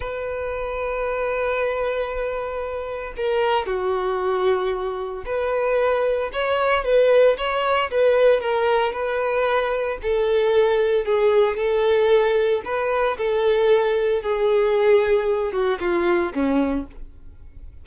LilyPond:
\new Staff \with { instrumentName = "violin" } { \time 4/4 \tempo 4 = 114 b'1~ | b'2 ais'4 fis'4~ | fis'2 b'2 | cis''4 b'4 cis''4 b'4 |
ais'4 b'2 a'4~ | a'4 gis'4 a'2 | b'4 a'2 gis'4~ | gis'4. fis'8 f'4 cis'4 | }